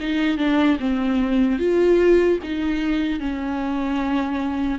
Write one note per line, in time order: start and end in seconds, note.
0.00 0.37 D#4
0.37 0.77 D4
0.79 1.59 C4
1.59 2.39 F4
2.43 3.20 D#4
3.20 4.79 C#4